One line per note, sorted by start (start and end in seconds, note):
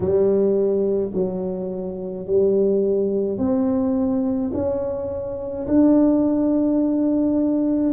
0.00 1.11 G3
1.13 2.26 F#3
2.26 3.38 G3
3.38 4.51 C4
4.53 5.67 C#4
5.67 7.92 D4